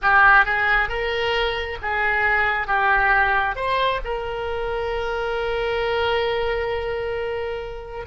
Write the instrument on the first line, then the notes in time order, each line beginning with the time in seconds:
oboe
0.02 G4
0.45 G#4
0.88 A#4
1.82 G#4
2.67 G4
3.55 C5
4.04 A#4